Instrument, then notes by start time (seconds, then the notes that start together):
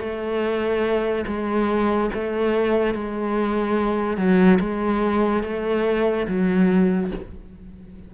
cello
0.00 A3
1.27 G#3
2.14 A3
2.95 G#3
4.17 F#3
4.60 G#3
5.44 A3
6.28 F#3